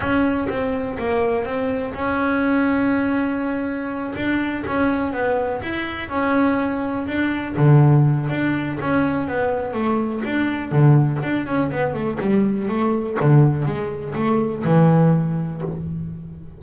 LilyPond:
\new Staff \with { instrumentName = "double bass" } { \time 4/4 \tempo 4 = 123 cis'4 c'4 ais4 c'4 | cis'1~ | cis'8 d'4 cis'4 b4 e'8~ | e'8 cis'2 d'4 d8~ |
d4 d'4 cis'4 b4 | a4 d'4 d4 d'8 cis'8 | b8 a8 g4 a4 d4 | gis4 a4 e2 | }